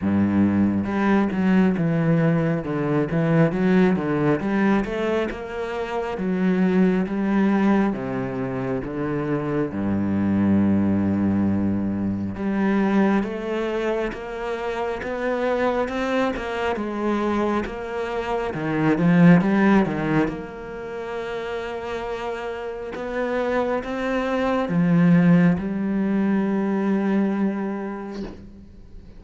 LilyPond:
\new Staff \with { instrumentName = "cello" } { \time 4/4 \tempo 4 = 68 g,4 g8 fis8 e4 d8 e8 | fis8 d8 g8 a8 ais4 fis4 | g4 c4 d4 g,4~ | g,2 g4 a4 |
ais4 b4 c'8 ais8 gis4 | ais4 dis8 f8 g8 dis8 ais4~ | ais2 b4 c'4 | f4 g2. | }